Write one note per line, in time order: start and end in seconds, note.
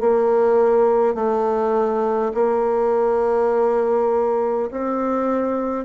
0.00 1.14 A#3
1.14 2.32 A3
2.34 4.70 A#3
4.71 5.85 C4